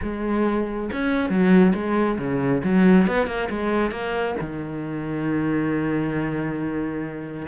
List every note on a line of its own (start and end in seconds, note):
0.02 0.90 G#3
0.92 1.29 C#4
1.29 1.73 F#3
1.74 2.18 G#3
2.18 2.62 C#3
2.63 3.07 F#3
3.07 3.26 B3
3.26 3.48 A#3
3.50 3.91 G#3
3.91 4.35 A#3
4.40 7.47 D#3